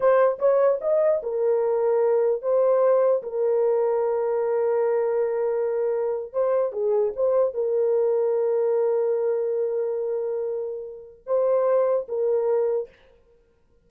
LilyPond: \new Staff \with { instrumentName = "horn" } { \time 4/4 \tempo 4 = 149 c''4 cis''4 dis''4 ais'4~ | ais'2 c''2 | ais'1~ | ais'2.~ ais'8. c''16~ |
c''8. gis'4 c''4 ais'4~ ais'16~ | ais'1~ | ais'1 | c''2 ais'2 | }